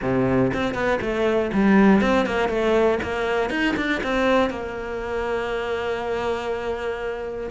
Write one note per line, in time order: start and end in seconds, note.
0.02 0.52 C3
0.53 0.74 C4
0.74 0.99 B3
1.01 1.51 A3
1.53 2.01 G3
2.01 2.25 C4
2.25 2.48 A#3
2.48 2.98 A3
3.02 3.50 A#3
3.50 3.75 D#4
3.76 4.01 D4
4.03 4.50 C4
4.50 7.50 A#3